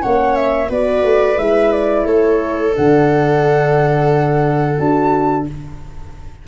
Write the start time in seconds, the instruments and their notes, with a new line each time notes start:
0.00 tuba A#3, horn C#4, viola C#5, flute F#5
0.36 flute E5
0.70 tuba B3, horn F#4, viola B4, flute D5
1.04 tuba A3
1.38 tuba G#3, horn E4, flute E5
1.72 flute D5
2.05 tuba A3, viola A4, flute C#5
2.74 tuba D3, horn D4, flute F#5
4.78 tuba D4, horn F#4, flute A5